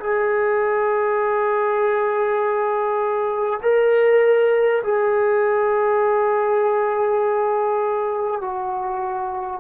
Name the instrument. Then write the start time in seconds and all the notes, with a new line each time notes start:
trombone
0.00 G#4
3.62 A#4
4.84 G#4
8.41 F#4